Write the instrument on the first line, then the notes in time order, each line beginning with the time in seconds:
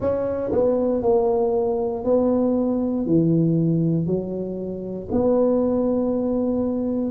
tuba
0.00 C#4
0.52 B3
1.02 A#3
2.04 B3
3.06 E3
4.06 F#3
5.11 B3